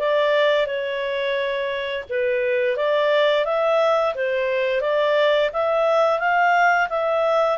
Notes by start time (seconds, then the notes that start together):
0.00 D5
0.67 C#5
2.10 B4
2.77 D5
3.45 E5
4.15 C5
4.82 D5
5.54 E5
6.20 F5
6.90 E5